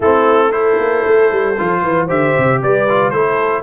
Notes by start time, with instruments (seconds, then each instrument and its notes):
0.00 tuba A3, trombone C4, horn E4, trumpet A4
0.51 trombone E4, horn A4, trumpet C5
0.78 tuba A#3
1.06 tuba A3
1.32 tuba G3
1.58 tuba F3, trombone F4
1.82 tuba E3, horn B4
2.06 tuba D3, trombone G4, horn C5, trumpet E5
2.37 tuba C3
2.62 tuba G3, horn B4, trumpet D5
2.88 trombone F4
3.10 tuba A3, trombone E4, horn A4, trumpet C5